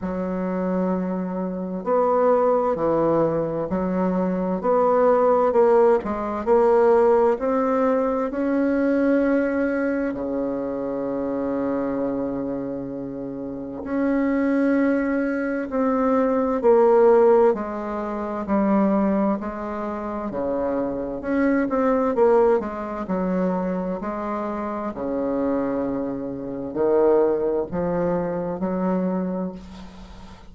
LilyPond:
\new Staff \with { instrumentName = "bassoon" } { \time 4/4 \tempo 4 = 65 fis2 b4 e4 | fis4 b4 ais8 gis8 ais4 | c'4 cis'2 cis4~ | cis2. cis'4~ |
cis'4 c'4 ais4 gis4 | g4 gis4 cis4 cis'8 c'8 | ais8 gis8 fis4 gis4 cis4~ | cis4 dis4 f4 fis4 | }